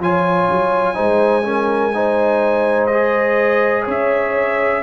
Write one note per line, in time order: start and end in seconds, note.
0.00 0.48 F3
0.00 0.95 F4
0.00 0.96 C#5
0.00 2.87 G#5
0.51 0.98 F#3
0.95 3.87 G#3
0.95 1.43 D#4
0.95 1.44 C5
1.43 1.92 C#4
1.43 1.95 A#4
1.95 2.91 D#4
1.95 3.84 C5
2.87 4.83 G#4
2.87 3.84 D#5
3.84 4.83 C#4
3.84 4.81 C#5
3.90 4.83 E5